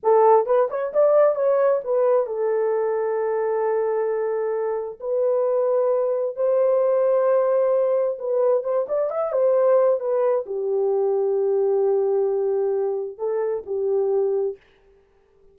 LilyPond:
\new Staff \with { instrumentName = "horn" } { \time 4/4 \tempo 4 = 132 a'4 b'8 cis''8 d''4 cis''4 | b'4 a'2.~ | a'2. b'4~ | b'2 c''2~ |
c''2 b'4 c''8 d''8 | e''8 c''4. b'4 g'4~ | g'1~ | g'4 a'4 g'2 | }